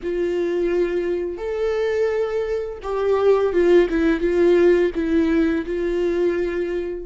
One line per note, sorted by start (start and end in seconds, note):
0.02 1.37 F4
1.37 2.78 A4
2.82 3.52 G4
3.52 3.88 F4
3.89 4.20 E4
4.20 4.91 F4
4.94 5.65 E4
5.65 7.05 F4